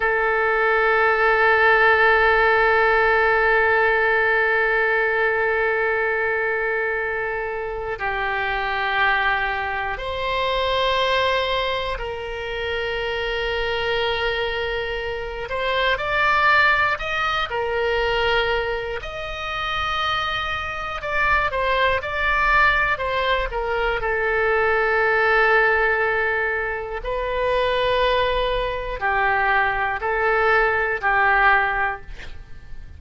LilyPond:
\new Staff \with { instrumentName = "oboe" } { \time 4/4 \tempo 4 = 60 a'1~ | a'1 | g'2 c''2 | ais'2.~ ais'8 c''8 |
d''4 dis''8 ais'4. dis''4~ | dis''4 d''8 c''8 d''4 c''8 ais'8 | a'2. b'4~ | b'4 g'4 a'4 g'4 | }